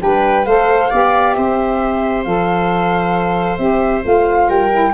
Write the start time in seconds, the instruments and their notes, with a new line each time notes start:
0.00 tuba G3, saxophone D4, viola B4, flute G5
0.45 tuba A3, saxophone A4, viola C5, flute F5
0.91 tuba B3, saxophone G4, viola D5
1.34 tuba C4, viola C5, flute E5
2.24 tuba F3, saxophone A4, flute F5
3.58 tuba C4, saxophone G4, flute E5
4.02 tuba A3, saxophone F4, flute F5
4.49 tuba G3, viola A#4, flute G5
4.71 saxophone E4